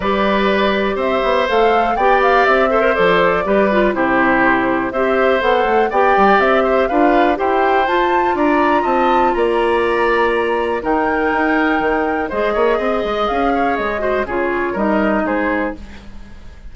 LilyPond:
<<
  \new Staff \with { instrumentName = "flute" } { \time 4/4 \tempo 4 = 122 d''2 e''4 f''4 | g''8 f''8 e''4 d''2 | c''2 e''4 fis''4 | g''4 e''4 f''4 g''4 |
a''4 ais''4 a''4 ais''4~ | ais''2 g''2~ | g''4 dis''2 f''4 | dis''4 cis''4 dis''4 c''4 | }
  \new Staff \with { instrumentName = "oboe" } { \time 4/4 b'2 c''2 | d''4. c''4. b'4 | g'2 c''2 | d''4. c''8 b'4 c''4~ |
c''4 d''4 dis''4 d''4~ | d''2 ais'2~ | ais'4 c''8 cis''8 dis''4. cis''8~ | cis''8 c''8 gis'4 ais'4 gis'4 | }
  \new Staff \with { instrumentName = "clarinet" } { \time 4/4 g'2. a'4 | g'4. a'16 ais'16 a'4 g'8 f'8 | e'2 g'4 a'4 | g'2 f'4 g'4 |
f'1~ | f'2 dis'2~ | dis'4 gis'2.~ | gis'8 fis'8 f'4 dis'2 | }
  \new Staff \with { instrumentName = "bassoon" } { \time 4/4 g2 c'8 b8 a4 | b4 c'4 f4 g4 | c2 c'4 b8 a8 | b8 g8 c'4 d'4 e'4 |
f'4 d'4 c'4 ais4~ | ais2 dis4 dis'4 | dis4 gis8 ais8 c'8 gis8 cis'4 | gis4 cis4 g4 gis4 | }
>>